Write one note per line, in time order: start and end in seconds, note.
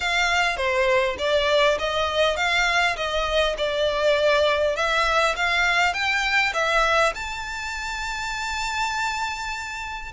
0.00 0.56 F5
0.56 1.16 C5
1.18 1.78 D5
1.78 2.36 D#5
2.36 2.95 F5
2.96 3.55 D#5
3.57 4.76 D5
4.76 5.35 E5
5.35 5.93 F5
5.93 6.53 G5
6.53 7.13 E5
7.14 10.12 A5